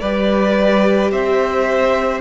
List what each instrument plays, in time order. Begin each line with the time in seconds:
0.00 cello G3, viola G4, violin B4 D5
1.11 cello C4, violin C5 E5